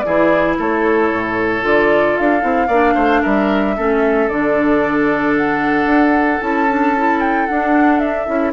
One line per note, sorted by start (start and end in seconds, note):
0.00 0.59 E3
0.00 1.61 E4
0.00 0.58 G#4
0.00 0.53 D5
0.59 1.12 A3
0.59 2.67 A4
0.59 1.65 C#5
1.12 1.63 A2
1.61 2.16 D3
1.61 2.41 F4
1.61 2.17 D5
2.17 2.43 D4
2.17 3.23 F5
2.41 2.68 C4
2.41 2.67 E4
2.67 2.95 A#3
2.67 3.77 D4
2.67 2.94 D5
2.94 3.23 A3
2.94 3.21 C5
3.22 3.78 G3
3.22 3.76 A#4
3.22 4.29 E5
3.77 4.29 A3
3.77 4.30 C#4
3.77 8.53 A4
4.29 5.86 D3
4.29 6.41 D4
4.29 5.35 D5
5.37 6.41 F#5
5.86 6.39 D4
6.41 7.48 C#4
6.41 6.68 E4
6.41 7.20 A5
6.69 6.96 D4
6.97 7.49 E4
7.20 7.46 G5
7.46 8.26 D4
7.46 8.28 D4
7.46 7.99 F#5
7.99 8.52 E5
8.26 8.53 C#4
8.26 8.53 E4